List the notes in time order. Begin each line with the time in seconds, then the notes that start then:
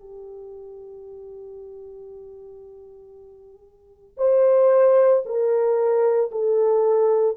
0.00 G4
4.18 C5
5.26 A#4
6.32 A4